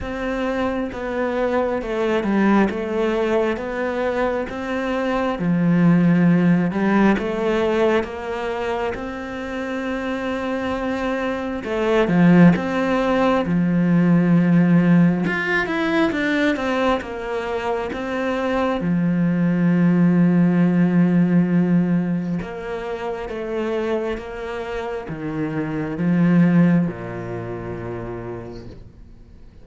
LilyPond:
\new Staff \with { instrumentName = "cello" } { \time 4/4 \tempo 4 = 67 c'4 b4 a8 g8 a4 | b4 c'4 f4. g8 | a4 ais4 c'2~ | c'4 a8 f8 c'4 f4~ |
f4 f'8 e'8 d'8 c'8 ais4 | c'4 f2.~ | f4 ais4 a4 ais4 | dis4 f4 ais,2 | }